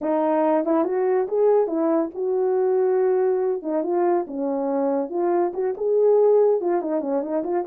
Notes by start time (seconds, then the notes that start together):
0.01 D#4
0.65 E4
0.84 F#4
1.28 G#4
1.67 E4
2.14 F#4
3.62 D#4
3.83 F4
4.27 C#4
5.09 F4
5.53 F#4
5.77 G#4
6.60 F4
6.81 D#4
7.01 C#4
7.22 D#4
7.43 F4